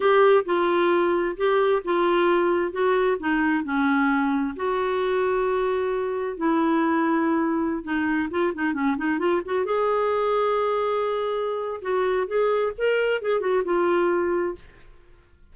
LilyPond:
\new Staff \with { instrumentName = "clarinet" } { \time 4/4 \tempo 4 = 132 g'4 f'2 g'4 | f'2 fis'4 dis'4 | cis'2 fis'2~ | fis'2 e'2~ |
e'4~ e'16 dis'4 f'8 dis'8 cis'8 dis'16~ | dis'16 f'8 fis'8 gis'2~ gis'8.~ | gis'2 fis'4 gis'4 | ais'4 gis'8 fis'8 f'2 | }